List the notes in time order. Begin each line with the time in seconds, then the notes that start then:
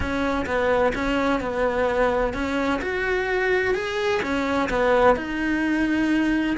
0.00 C#4
0.45 B3
0.94 C#4
1.40 B3
2.33 C#4
2.81 F#4
3.74 G#4
4.22 C#4
4.69 B3
5.16 D#4